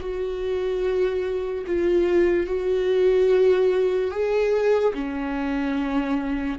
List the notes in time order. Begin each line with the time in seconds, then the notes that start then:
0.00 F#4
1.67 F4
2.47 F#4
4.11 G#4
4.94 C#4